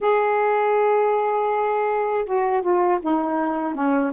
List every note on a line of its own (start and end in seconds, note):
0.00 2.25 G#4
2.25 2.61 F#4
2.61 2.99 F4
3.02 3.74 D#4
3.74 4.11 C#4